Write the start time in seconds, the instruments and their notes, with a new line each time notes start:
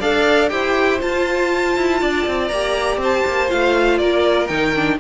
0.00 cello D4, viola A4, violin D5 F5
0.49 cello E4, viola G4, violin C5 G5
1.00 viola F4, cello F4, violin A5
1.76 cello E4
2.01 cello D4, violin D5
2.26 cello C4
2.48 cello A#3, viola G4, violin A#5
2.98 cello C4, violin C5
3.04 violin A5
3.26 cello A#3
3.48 cello A3, viola F4, violin F5
3.98 cello A#3, violin A#4 D5
4.47 cello D#3, viola D#4, violin G5
4.75 viola D4